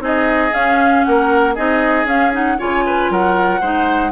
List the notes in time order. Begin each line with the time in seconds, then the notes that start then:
0.00 C4 D#4 G#4 D#5
0.52 C#4 F5
1.04 A#3 A#4 F#5
1.55 C4 D#4 G#4 D#5
2.05 C#4 F5
2.32 D#4 F#5
2.59 C#3 F4 C#5 G#5
2.86 B4
3.10 F#3 A#4 F#5
3.61 G#3 D#4 C5